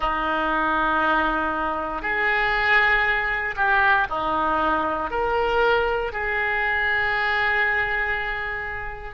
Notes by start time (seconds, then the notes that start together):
0.00 D#4
2.02 G#4
3.56 G4
4.09 D#4
5.10 A#4
6.12 G#4